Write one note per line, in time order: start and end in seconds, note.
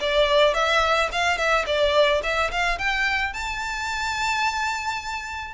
0.00 0.54 D5
0.54 1.09 E5
1.12 1.37 F5
1.37 1.65 E5
1.66 2.21 D5
2.23 2.51 E5
2.51 2.78 F5
2.78 3.33 G5
3.33 5.54 A5